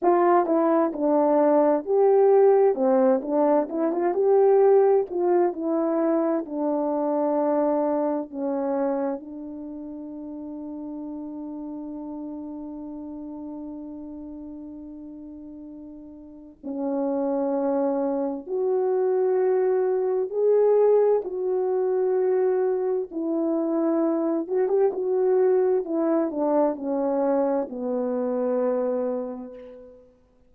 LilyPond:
\new Staff \with { instrumentName = "horn" } { \time 4/4 \tempo 4 = 65 f'8 e'8 d'4 g'4 c'8 d'8 | e'16 f'16 g'4 f'8 e'4 d'4~ | d'4 cis'4 d'2~ | d'1~ |
d'2 cis'2 | fis'2 gis'4 fis'4~ | fis'4 e'4. fis'16 g'16 fis'4 | e'8 d'8 cis'4 b2 | }